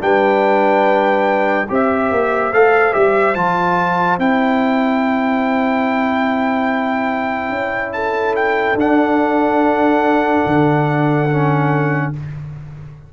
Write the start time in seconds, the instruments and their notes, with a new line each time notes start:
0.00 tuba G3, trombone D4, horn B4, trumpet G5
1.68 tuba C4, trombone G4, horn C5
1.74 trumpet E5
2.11 tuba A#3
2.53 tuba A3, trombone A4, trumpet F5
2.92 tuba G3, trombone G4, trumpet E5
3.35 tuba F3, trombone F4, trumpet A5
4.19 tuba C4, trombone E4, trumpet G5
7.49 tuba C#4
7.93 horn A4, trumpet A5
8.36 trumpet G5
8.74 tuba D4, trombone D4, trumpet F#5
10.46 tuba D3
11.30 trombone C#4